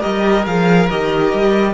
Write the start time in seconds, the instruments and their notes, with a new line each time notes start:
0.00 cello G3, viola G4, violin A#4 D#5
0.46 cello F3, viola G#4, violin F5
0.90 cello D#3, viola G4, violin D#5
1.33 cello G3